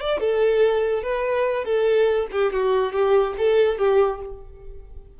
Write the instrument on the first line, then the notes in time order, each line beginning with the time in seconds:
violin
0.00 D5
0.20 A4
1.02 B4
1.64 A4
2.31 G4
2.52 F#4
2.92 G4
3.37 A4
3.78 G4